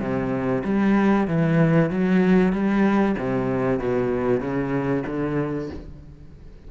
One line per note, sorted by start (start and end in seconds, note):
0.00 0.63 C3
0.64 1.27 G3
1.27 1.90 E3
1.90 2.53 F#3
2.53 3.16 G3
3.18 3.79 C3
3.79 4.40 B2
4.40 5.04 C#3
5.07 5.70 D3